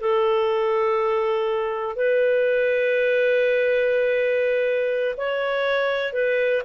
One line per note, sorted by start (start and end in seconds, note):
0.00 1.95 A4
1.95 5.15 B4
5.17 6.13 C#5
6.13 6.62 B4